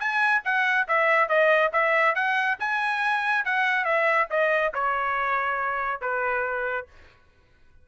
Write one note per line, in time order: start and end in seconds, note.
0.00 0.43 G#5
0.45 0.88 F#5
0.88 1.29 E5
1.29 1.72 D#5
1.73 2.16 E5
2.16 2.59 F#5
2.60 3.46 G#5
3.46 3.85 F#5
3.85 4.28 E5
4.31 4.74 D#5
4.74 6.01 C#5
6.01 6.87 B4